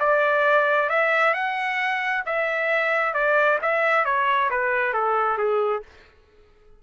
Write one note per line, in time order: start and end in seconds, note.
0.00 0.90 D5
0.90 1.34 E5
1.34 2.23 F#5
2.26 3.14 E5
3.14 3.59 D5
3.62 4.05 E5
4.05 4.50 C#5
4.50 4.94 B4
4.94 5.38 A4
5.38 5.83 G#4